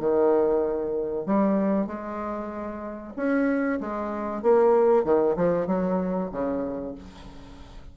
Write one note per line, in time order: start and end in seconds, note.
0.00 1.26 D#3
1.26 1.87 G3
1.87 3.13 G#3
3.17 3.80 C#4
3.81 4.43 G#3
4.43 5.04 A#3
5.04 5.36 D#3
5.37 5.67 F3
5.67 6.30 F#3
6.32 6.95 C#3